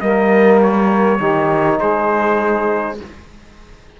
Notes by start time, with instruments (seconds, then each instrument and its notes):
0.00 cello G3, trombone A#3, saxophone A#4, trumpet D#5
0.62 trumpet C#5
1.17 cello D#3, trombone D#4, saxophone G4
1.77 cello G#3, saxophone G#4, trumpet C5